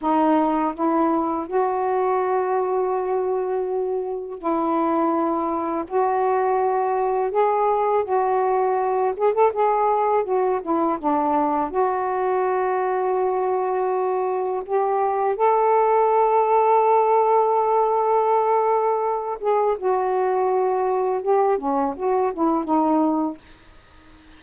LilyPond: \new Staff \with { instrumentName = "saxophone" } { \time 4/4 \tempo 4 = 82 dis'4 e'4 fis'2~ | fis'2 e'2 | fis'2 gis'4 fis'4~ | fis'8 gis'16 a'16 gis'4 fis'8 e'8 d'4 |
fis'1 | g'4 a'2.~ | a'2~ a'8 gis'8 fis'4~ | fis'4 g'8 cis'8 fis'8 e'8 dis'4 | }